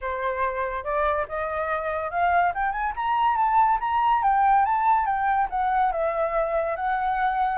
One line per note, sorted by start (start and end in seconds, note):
0.01 0.84 C5
0.84 1.26 D5
1.28 2.10 D#5
2.10 2.52 F5
2.54 2.72 G5
2.72 2.93 G#5
2.96 3.36 A#5
3.36 3.79 A5
3.80 4.22 A#5
4.23 4.65 G5
4.65 5.06 A5
5.06 5.48 G5
5.50 5.92 F#5
5.92 6.75 E5
6.75 7.58 F#5